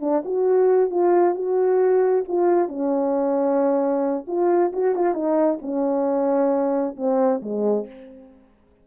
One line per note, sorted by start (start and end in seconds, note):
0.00 0.22 D4
0.24 0.90 F#4
0.90 1.35 F4
1.35 2.24 F#4
2.28 2.68 F4
2.68 4.25 C#4
4.27 4.72 F4
4.72 4.95 F#4
4.95 5.14 F4
5.14 5.58 D#4
5.61 6.95 C#4
6.96 7.41 C4
7.41 7.86 G#3